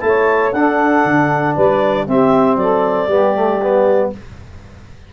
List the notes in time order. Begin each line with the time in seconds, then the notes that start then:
0.00 A3 E4 A5
0.06 C#5
0.52 D4 A4 F#5
1.05 D3
1.54 G3 B4 D5
2.07 C4 G4 E5
2.57 F#3 A4 D5
3.07 G3 B3 G4
3.35 A3
3.62 B3